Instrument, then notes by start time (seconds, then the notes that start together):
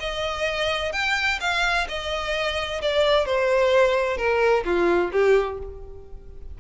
violin
0.00 D#5
0.93 G5
1.41 F5
1.88 D#5
2.82 D5
3.26 C5
4.17 A#4
4.65 F4
5.12 G4